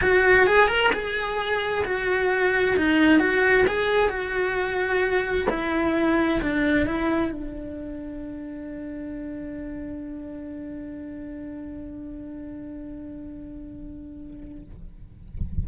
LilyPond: \new Staff \with { instrumentName = "cello" } { \time 4/4 \tempo 4 = 131 fis'4 gis'8 ais'8 gis'2 | fis'2 dis'4 fis'4 | gis'4 fis'2. | e'2 d'4 e'4 |
d'1~ | d'1~ | d'1~ | d'1 | }